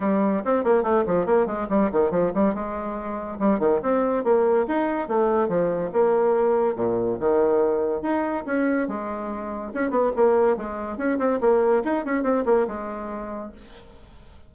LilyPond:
\new Staff \with { instrumentName = "bassoon" } { \time 4/4 \tempo 4 = 142 g4 c'8 ais8 a8 f8 ais8 gis8 | g8 dis8 f8 g8 gis2 | g8 dis8 c'4 ais4 dis'4 | a4 f4 ais2 |
ais,4 dis2 dis'4 | cis'4 gis2 cis'8 b8 | ais4 gis4 cis'8 c'8 ais4 | dis'8 cis'8 c'8 ais8 gis2 | }